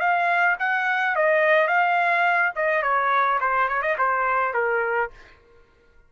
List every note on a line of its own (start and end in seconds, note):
0.00 0.57 F5
0.59 1.16 F#5
1.16 1.67 D#5
1.67 2.52 F5
2.56 2.83 D#5
2.83 3.39 C#5
3.40 3.68 C5
3.68 3.82 C#5
3.82 3.96 D#5
3.98 4.54 C5
4.54 5.10 A#4